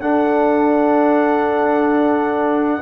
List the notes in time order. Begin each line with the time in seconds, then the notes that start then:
0.00 D4 A4 F#5